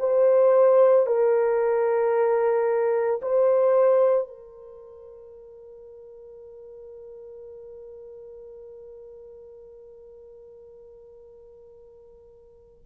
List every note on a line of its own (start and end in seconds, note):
0.00 1.06 C5
1.06 3.20 A#4
3.22 4.28 C5
4.28 12.85 A#4